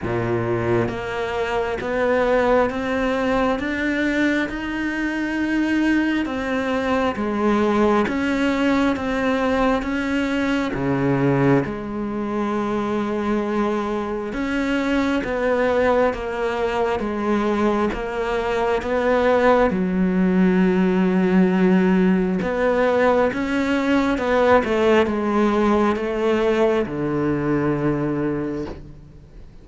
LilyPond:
\new Staff \with { instrumentName = "cello" } { \time 4/4 \tempo 4 = 67 ais,4 ais4 b4 c'4 | d'4 dis'2 c'4 | gis4 cis'4 c'4 cis'4 | cis4 gis2. |
cis'4 b4 ais4 gis4 | ais4 b4 fis2~ | fis4 b4 cis'4 b8 a8 | gis4 a4 d2 | }